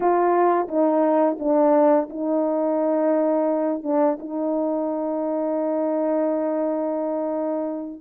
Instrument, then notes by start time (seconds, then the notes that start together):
horn
0.00 F4
0.68 D#4
1.39 D4
2.09 D#4
3.83 D4
4.19 D#4